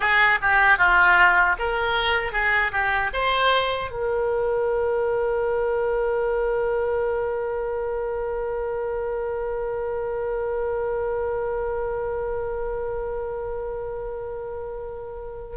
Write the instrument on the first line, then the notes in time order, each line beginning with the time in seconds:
oboe
0.00 G#4
0.41 G4
0.78 F4
1.58 A#4
2.32 G#4
2.72 G4
3.13 C5
3.90 A#4